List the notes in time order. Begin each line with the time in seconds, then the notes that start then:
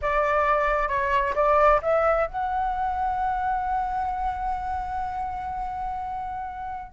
0.01 D5
0.88 C#5
1.35 D5
1.81 E5
2.27 F#5